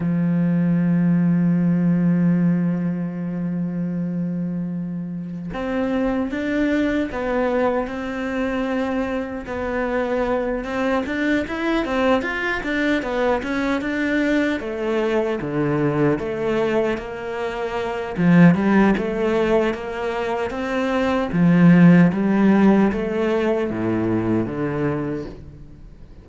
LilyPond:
\new Staff \with { instrumentName = "cello" } { \time 4/4 \tempo 4 = 76 f1~ | f2. c'4 | d'4 b4 c'2 | b4. c'8 d'8 e'8 c'8 f'8 |
d'8 b8 cis'8 d'4 a4 d8~ | d8 a4 ais4. f8 g8 | a4 ais4 c'4 f4 | g4 a4 a,4 d4 | }